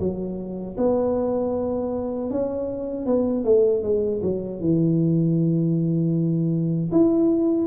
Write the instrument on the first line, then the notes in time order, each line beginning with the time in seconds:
tuba
0.00 F#3
0.78 B3
2.31 C#4
3.07 B3
3.45 A3
3.83 G#3
4.23 F#3
4.61 E3
6.92 E4